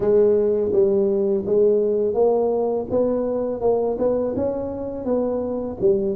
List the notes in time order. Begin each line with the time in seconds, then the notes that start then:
0.00 G#3
0.72 G3
1.46 G#3
2.13 A#3
2.90 B3
3.60 A#3
3.98 B3
4.35 C#4
5.04 B3
5.80 G3